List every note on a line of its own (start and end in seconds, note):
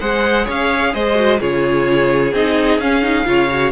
0.00 0.48 G#3
0.00 1.15 G#4
0.00 0.45 C5
0.00 0.47 F#5
0.45 0.94 C#4
0.45 0.91 C#5
0.45 0.94 F5
0.94 1.41 G#3
0.94 1.40 C5
0.94 1.40 D#5
1.15 1.38 F#4
1.40 2.33 C#3
1.40 2.33 F4
1.40 3.26 G#4
1.40 2.34 C#5
2.33 2.79 C4
2.33 2.81 D#4
2.33 2.80 D#5
2.79 3.25 C#4
2.79 3.02 C#4
2.79 3.72 F5
3.02 3.25 D#4
3.25 3.72 C#3
3.25 3.48 F4
3.25 3.72 C#5
3.49 3.72 F#4